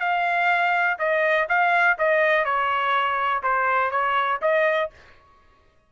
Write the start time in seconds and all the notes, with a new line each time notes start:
0.00 F5
0.99 D#5
1.49 F5
1.99 D#5
2.45 C#5
3.43 C5
3.91 C#5
4.42 D#5